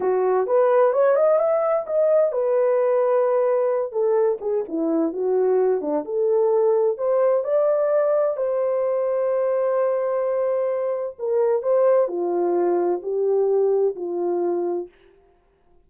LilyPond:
\new Staff \with { instrumentName = "horn" } { \time 4/4 \tempo 4 = 129 fis'4 b'4 cis''8 dis''8 e''4 | dis''4 b'2.~ | b'8 a'4 gis'8 e'4 fis'4~ | fis'8 d'8 a'2 c''4 |
d''2 c''2~ | c''1 | ais'4 c''4 f'2 | g'2 f'2 | }